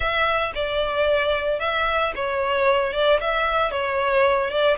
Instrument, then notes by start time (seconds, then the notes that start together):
violin
0.00 E5
0.54 D5
1.59 E5
2.15 C#5
2.93 D5
3.20 E5
3.71 C#5
4.50 D5